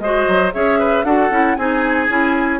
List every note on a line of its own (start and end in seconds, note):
0.00 0.26 G#3
0.00 0.53 F#4
0.00 0.55 C5
0.00 0.52 D#5
0.28 0.54 F#3
0.53 1.04 C#4
0.53 1.05 G#4
0.53 0.80 C#5
0.53 1.05 E5
0.80 1.06 B4
1.04 1.31 D4
1.04 1.31 F#4
1.04 1.58 A4
1.04 1.56 F#5
1.31 1.57 C#4
1.31 1.57 E4
1.56 2.09 C4
1.56 2.09 D#4
1.56 2.60 G#4
1.56 2.60 G#5
2.09 2.60 C#4
2.09 2.60 E4